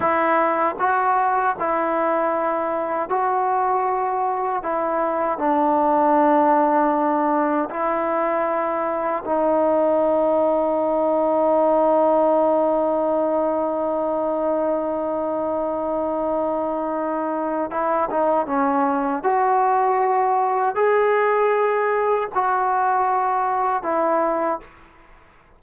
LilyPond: \new Staff \with { instrumentName = "trombone" } { \time 4/4 \tempo 4 = 78 e'4 fis'4 e'2 | fis'2 e'4 d'4~ | d'2 e'2 | dis'1~ |
dis'1~ | dis'2. e'8 dis'8 | cis'4 fis'2 gis'4~ | gis'4 fis'2 e'4 | }